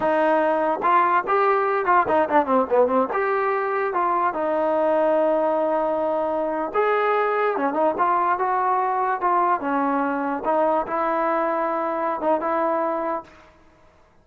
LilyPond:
\new Staff \with { instrumentName = "trombone" } { \time 4/4 \tempo 4 = 145 dis'2 f'4 g'4~ | g'8 f'8 dis'8 d'8 c'8 b8 c'8 g'8~ | g'4. f'4 dis'4.~ | dis'1~ |
dis'16 gis'2 cis'8 dis'8 f'8.~ | f'16 fis'2 f'4 cis'8.~ | cis'4~ cis'16 dis'4 e'4.~ e'16~ | e'4. dis'8 e'2 | }